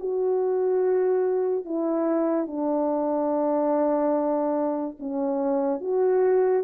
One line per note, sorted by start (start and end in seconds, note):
0.00 1.65 F#4
1.65 2.47 E4
2.47 4.97 D4
5.00 5.81 C#4
5.81 6.64 F#4